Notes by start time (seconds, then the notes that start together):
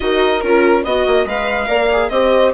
0.00 D#4 F#4 A#4 D#5
0.40 C#4 F4 A#4
0.83 B3 F#4 D#5
1.06 A#3
1.25 G#3 B4 F5
1.66 A#3 A#4 D5
1.91 G#4
2.09 C4 G4 C5 D#5